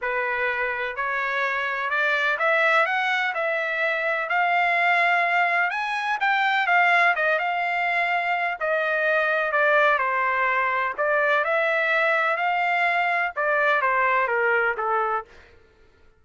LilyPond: \new Staff \with { instrumentName = "trumpet" } { \time 4/4 \tempo 4 = 126 b'2 cis''2 | d''4 e''4 fis''4 e''4~ | e''4 f''2. | gis''4 g''4 f''4 dis''8 f''8~ |
f''2 dis''2 | d''4 c''2 d''4 | e''2 f''2 | d''4 c''4 ais'4 a'4 | }